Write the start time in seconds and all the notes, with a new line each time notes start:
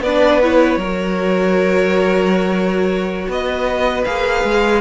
0.00 B3 D4 B4 D5
0.42 E4 C#5
0.77 F#3 F#4 A#4
3.28 B3 B4 D#5
4.04 A#3 G#4 F5
4.44 G#3